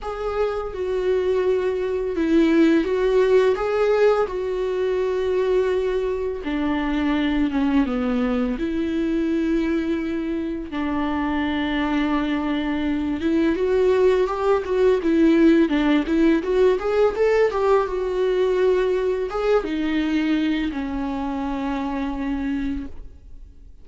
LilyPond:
\new Staff \with { instrumentName = "viola" } { \time 4/4 \tempo 4 = 84 gis'4 fis'2 e'4 | fis'4 gis'4 fis'2~ | fis'4 d'4. cis'8 b4 | e'2. d'4~ |
d'2~ d'8 e'8 fis'4 | g'8 fis'8 e'4 d'8 e'8 fis'8 gis'8 | a'8 g'8 fis'2 gis'8 dis'8~ | dis'4 cis'2. | }